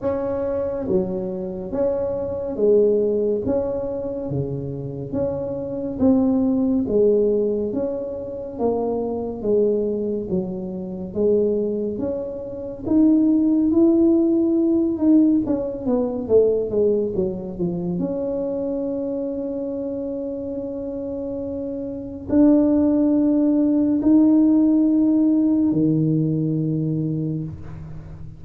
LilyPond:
\new Staff \with { instrumentName = "tuba" } { \time 4/4 \tempo 4 = 70 cis'4 fis4 cis'4 gis4 | cis'4 cis4 cis'4 c'4 | gis4 cis'4 ais4 gis4 | fis4 gis4 cis'4 dis'4 |
e'4. dis'8 cis'8 b8 a8 gis8 | fis8 f8 cis'2.~ | cis'2 d'2 | dis'2 dis2 | }